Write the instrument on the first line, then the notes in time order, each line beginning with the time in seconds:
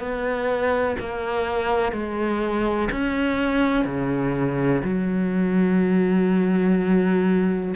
cello
0.00 B3
1.00 A#3
1.93 G#3
2.92 C#4
3.86 C#3
4.84 F#3